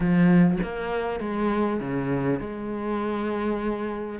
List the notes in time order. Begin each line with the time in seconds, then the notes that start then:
0.00 F3
0.62 A#3
1.20 G#3
1.80 C#3
2.40 G#3